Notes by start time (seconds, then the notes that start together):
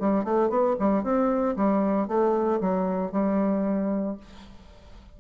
0.00 G3
0.24 A3
0.50 B3
0.80 G3
1.04 C4
1.57 G3
2.08 A3
2.61 F#3
3.12 G3